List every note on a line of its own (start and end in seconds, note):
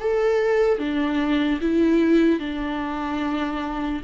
0.00 0.79 A4
0.79 1.60 D4
1.61 2.40 E4
2.40 4.02 D4